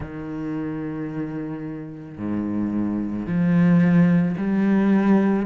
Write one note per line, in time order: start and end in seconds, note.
0.00 2.17 D#3
2.17 3.26 G#2
3.26 4.35 F3
4.37 5.45 G3